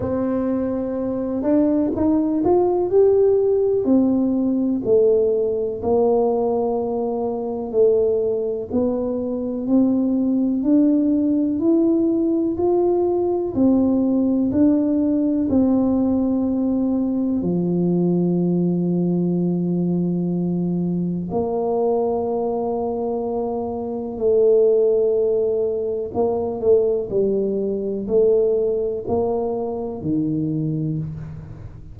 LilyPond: \new Staff \with { instrumentName = "tuba" } { \time 4/4 \tempo 4 = 62 c'4. d'8 dis'8 f'8 g'4 | c'4 a4 ais2 | a4 b4 c'4 d'4 | e'4 f'4 c'4 d'4 |
c'2 f2~ | f2 ais2~ | ais4 a2 ais8 a8 | g4 a4 ais4 dis4 | }